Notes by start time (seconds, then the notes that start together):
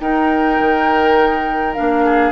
0.00 D#4 A#4 G5
0.60 D#3
1.74 A#3 D4 F5
2.05 G#4